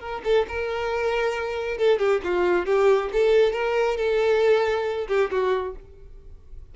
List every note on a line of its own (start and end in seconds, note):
0.00 0.22 A#4
0.25 0.47 A4
0.49 1.78 A#4
1.78 1.99 A4
1.99 2.21 G4
2.24 2.66 F4
2.66 3.10 G4
3.13 3.53 A4
3.53 3.97 A#4
3.97 5.08 A4
5.08 5.30 G4
5.31 5.76 F#4